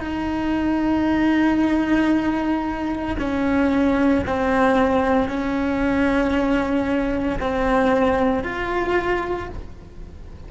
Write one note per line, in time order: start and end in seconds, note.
0.00 3.16 D#4
3.19 4.24 C#4
4.26 5.28 C4
5.28 7.39 C#4
7.40 8.44 C4
8.44 9.49 F4